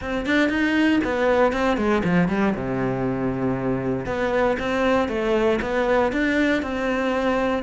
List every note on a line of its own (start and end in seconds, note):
0.01 0.25 C4
0.25 0.49 D4
0.49 1.00 D#4
1.04 1.52 B3
1.52 1.77 C4
1.77 2.02 G#3
2.03 2.28 F3
2.28 2.54 G3
2.54 4.05 C3
4.05 4.56 B3
4.59 5.08 C4
5.08 5.59 A3
5.61 6.12 B3
6.12 6.62 D4
6.62 7.63 C4